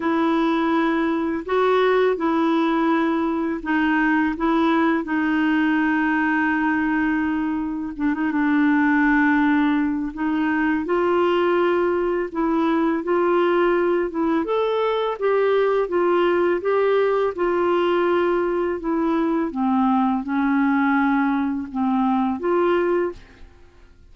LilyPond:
\new Staff \with { instrumentName = "clarinet" } { \time 4/4 \tempo 4 = 83 e'2 fis'4 e'4~ | e'4 dis'4 e'4 dis'4~ | dis'2. d'16 dis'16 d'8~ | d'2 dis'4 f'4~ |
f'4 e'4 f'4. e'8 | a'4 g'4 f'4 g'4 | f'2 e'4 c'4 | cis'2 c'4 f'4 | }